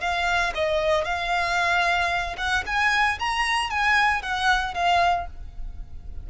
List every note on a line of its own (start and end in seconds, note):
0.00 0.53 F5
0.54 1.04 D#5
1.04 2.36 F5
2.37 2.64 F#5
2.66 3.18 G#5
3.19 3.70 A#5
3.70 4.22 G#5
4.22 4.74 F#5
4.74 5.26 F5